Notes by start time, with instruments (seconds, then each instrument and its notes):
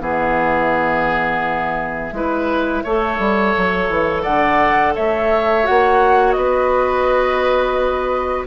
0.00 bassoon E3, clarinet B3, oboe G#4, flute E5
2.12 bassoon G#3, clarinet E4, oboe B4
2.83 bassoon A3, clarinet A4, oboe C#5
3.19 bassoon G3
3.57 bassoon F#3
3.89 bassoon E3
4.22 bassoon D3, oboe D5, flute F#5
4.95 bassoon A3, oboe C#5, flute E5
5.63 clarinet F#4, flute F#5
5.69 bassoon A#3
6.32 bassoon B3, oboe B4, flute D#5